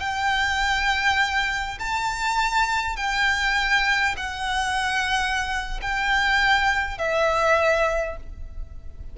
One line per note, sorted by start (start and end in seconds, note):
0.00 1.78 G5
1.79 2.96 A5
2.96 4.15 G5
4.17 5.80 F#5
5.82 6.98 G5
6.98 8.17 E5